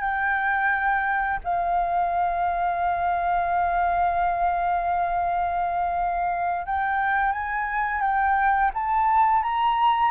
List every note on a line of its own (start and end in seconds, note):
0.00 1.40 G5
1.44 6.66 F5
6.66 7.32 G5
7.32 8.01 G#5
8.01 8.71 G5
8.74 9.43 A5
9.43 10.11 A#5